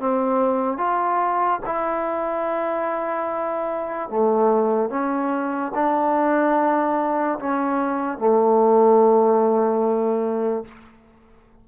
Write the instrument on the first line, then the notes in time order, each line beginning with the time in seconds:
trombone
0.00 C4
0.78 F4
1.66 E4
4.10 A3
4.90 C#4
5.75 D4
7.40 C#4
8.19 A3